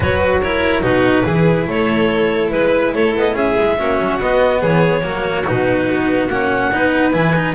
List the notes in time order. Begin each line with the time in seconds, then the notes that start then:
0.00 F#3 F#4 B4 C#5
0.19 B4
0.41 E4 A#4 C#5
0.82 B2 D#4 F#4 B4
1.24 E3 E4 G#4
1.67 A3 A4 C#5
2.49 G#3 B4
2.94 A3 A4 C#5
3.15 B3 D#5
3.33 C#4 G#4 E5
3.59 G#3
3.78 A#3 C#4 F#4
4.00 F#3
4.20 B3 D#5
4.60 E3 G#4 C#5
5.01 F#3 A#3 F#4
5.45 B2 D#4 B4
5.91 B3
6.27 A#3 C#4 F#5
6.71 B3 D#4 B4
7.12 E3 E4 G#5
7.35 D#4